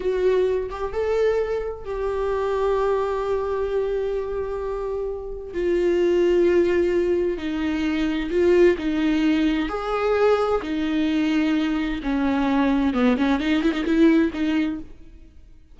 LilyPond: \new Staff \with { instrumentName = "viola" } { \time 4/4 \tempo 4 = 130 fis'4. g'8 a'2 | g'1~ | g'1 | f'1 |
dis'2 f'4 dis'4~ | dis'4 gis'2 dis'4~ | dis'2 cis'2 | b8 cis'8 dis'8 e'16 dis'16 e'4 dis'4 | }